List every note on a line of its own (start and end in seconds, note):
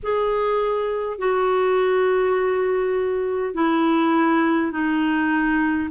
0.03 1.18 G#4
1.18 3.53 F#4
3.53 4.71 E4
4.71 5.89 D#4